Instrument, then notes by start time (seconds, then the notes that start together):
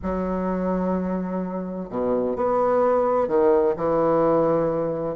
bassoon
0.02 F#3
1.89 B2
2.36 B3
3.28 D#3
3.76 E3